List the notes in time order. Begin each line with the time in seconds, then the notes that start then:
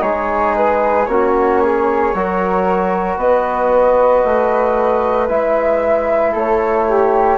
0.00 G#3 D#4 G#4 C#5
0.56 B4
1.05 A#3 C#4 F#4 C#5
1.62 G#4
2.14 F#3 F#4 A#4
3.17 B3 B4 D#5
4.24 A3
5.28 G#3 E4 E5
6.32 A3 A4 C#5
6.89 G4